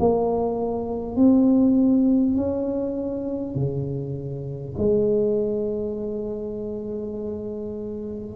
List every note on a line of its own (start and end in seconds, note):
0.00 1.16 A#3
1.16 2.36 C4
2.36 3.55 C#4
3.55 4.75 C#3
4.78 8.36 G#3